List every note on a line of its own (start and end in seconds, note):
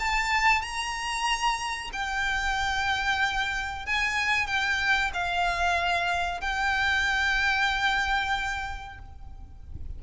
0.00 0.62 A5
0.62 1.91 A#5
1.93 3.87 G5
3.87 4.47 G#5
4.47 5.12 G5
5.14 6.41 F5
6.41 8.99 G5